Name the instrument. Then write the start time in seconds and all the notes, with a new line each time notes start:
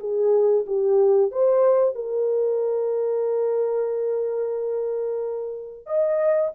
horn
0.00 G#4
0.67 G4
1.32 C5
1.95 A#4
5.87 D#5